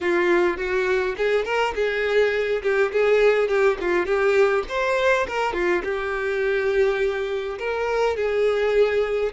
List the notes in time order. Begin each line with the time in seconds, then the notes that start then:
0.01 F4
0.57 F#4
1.17 G#4
1.45 A#4
1.74 G#4
2.62 G4
2.92 G#4
3.48 G4
3.80 F4
4.05 G4
4.68 C5
5.27 A#4
5.53 F4
5.83 G4
7.59 A#4
8.16 G#4